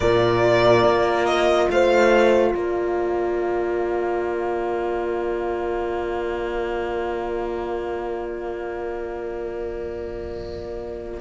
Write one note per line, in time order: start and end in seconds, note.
0.00 0.84 A#2
0.00 11.19 F4
0.00 1.70 A#4
0.00 1.25 D5
0.84 1.68 A#3
1.25 1.67 D#5
1.70 2.54 A3
1.70 2.55 C5
1.70 2.55 F5
2.55 11.20 A#3
2.55 11.20 A#4
2.55 11.20 D5